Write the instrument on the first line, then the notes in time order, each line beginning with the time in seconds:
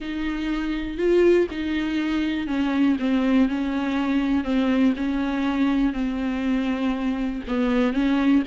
viola
0.00 D#4
0.97 F4
1.50 D#4
2.47 C#4
2.99 C4
3.48 C#4
4.44 C4
4.96 C#4
5.93 C4
7.47 B3
7.93 C#4